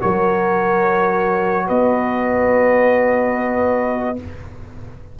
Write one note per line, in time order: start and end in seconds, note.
0.00 1.70 F#3
0.00 4.17 F#4
0.00 1.67 A#4
0.00 1.68 C#5
1.67 4.20 B3
1.67 4.17 B4
1.67 4.19 D#5